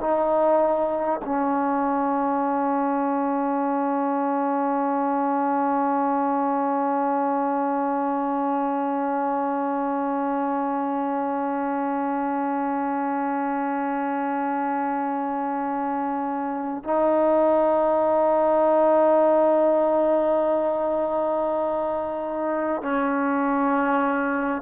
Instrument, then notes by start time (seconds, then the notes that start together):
trombone
0.00 D#4
1.24 C#4
16.84 D#4
22.82 C#4